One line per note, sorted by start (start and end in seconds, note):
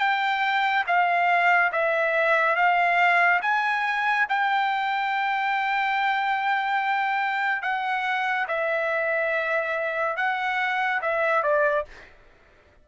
0.00 0.85 G5
0.87 1.72 F5
1.72 2.56 E5
2.56 3.41 F5
3.42 4.27 G#5
4.29 7.62 G5
7.62 8.47 F#5
8.48 10.17 E5
10.17 11.01 F#5
11.02 11.43 E5
11.43 11.85 D5